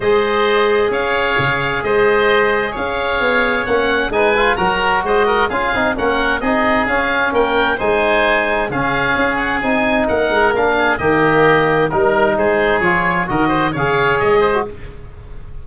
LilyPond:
<<
  \new Staff \with { instrumentName = "oboe" } { \time 4/4 \tempo 4 = 131 dis''2 f''2 | dis''2 f''2 | fis''4 gis''4 ais''4 dis''4 | f''4 fis''4 dis''4 f''4 |
g''4 gis''2 f''4~ | f''8 fis''8 gis''4 fis''4 f''4 | dis''2 ais'4 c''4 | cis''4 dis''4 f''4 dis''4 | }
  \new Staff \with { instrumentName = "oboe" } { \time 4/4 c''2 cis''2 | c''2 cis''2~ | cis''4 b'4 ais'4 c''8 ais'8 | gis'4 ais'4 gis'2 |
ais'4 c''2 gis'4~ | gis'2 ais'4. gis'8 | g'2 ais'4 gis'4~ | gis'4 ais'8 c''8 cis''4. c''8 | }
  \new Staff \with { instrumentName = "trombone" } { \time 4/4 gis'1~ | gis'1 | cis'4 dis'8 f'8 fis'2 | f'8 dis'8 cis'4 dis'4 cis'4~ |
cis'4 dis'2 cis'4~ | cis'4 dis'2 d'4 | ais2 dis'2 | f'4 fis'4 gis'4.~ gis'16 fis'16 | }
  \new Staff \with { instrumentName = "tuba" } { \time 4/4 gis2 cis'4 cis4 | gis2 cis'4 b4 | ais4 gis4 fis4 gis4 | cis'8 c'8 ais4 c'4 cis'4 |
ais4 gis2 cis4 | cis'4 c'4 ais8 gis8 ais4 | dis2 g4 gis4 | f4 dis4 cis4 gis4 | }
>>